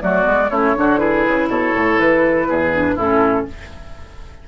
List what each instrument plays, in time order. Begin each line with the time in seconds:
0.00 bassoon F#3, clarinet A3, oboe F#4, flute D5
0.22 bassoon G#3, clarinet B3
0.49 bassoon A3, clarinet C#4, oboe E4, flute C#5
0.75 bassoon D3, clarinet D4, oboe F#4
0.97 clarinet E4, oboe G#4, flute B4
1.28 bassoon C#3
1.48 bassoon B2, oboe A4, flute C#5
1.74 bassoon A2
1.98 bassoon E3, flute B4
2.48 bassoon E2, oboe G#4
2.74 clarinet D4
2.95 bassoon A2, clarinet C#4, oboe E4, flute A4